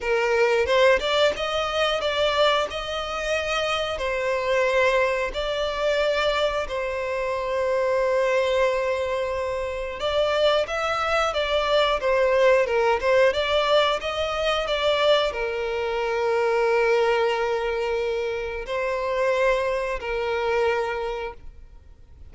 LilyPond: \new Staff \with { instrumentName = "violin" } { \time 4/4 \tempo 4 = 90 ais'4 c''8 d''8 dis''4 d''4 | dis''2 c''2 | d''2 c''2~ | c''2. d''4 |
e''4 d''4 c''4 ais'8 c''8 | d''4 dis''4 d''4 ais'4~ | ais'1 | c''2 ais'2 | }